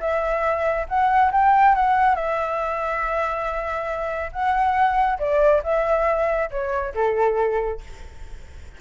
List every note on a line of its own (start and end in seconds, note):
0.00 0.86 E5
0.89 1.32 F#5
1.32 1.75 G5
1.75 2.16 F#5
2.16 4.31 E5
4.32 5.19 F#5
5.19 5.63 D5
5.64 6.50 E5
6.51 6.94 C#5
6.95 7.81 A4